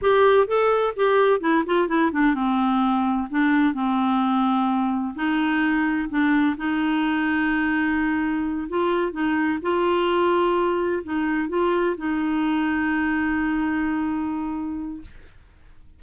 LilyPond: \new Staff \with { instrumentName = "clarinet" } { \time 4/4 \tempo 4 = 128 g'4 a'4 g'4 e'8 f'8 | e'8 d'8 c'2 d'4 | c'2. dis'4~ | dis'4 d'4 dis'2~ |
dis'2~ dis'8 f'4 dis'8~ | dis'8 f'2. dis'8~ | dis'8 f'4 dis'2~ dis'8~ | dis'1 | }